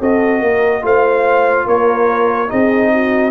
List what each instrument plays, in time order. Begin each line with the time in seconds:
0.00 tuba C4, trombone F#4, horn A4, trumpet D#5
0.40 tuba A#3, horn A#4
0.82 tuba A3, trombone F4, horn C5, trumpet F5
1.66 tuba A#3, horn A#4, trumpet C#5
2.48 tuba C4, trombone D#4, horn G#4, trumpet D#5
2.93 horn F#4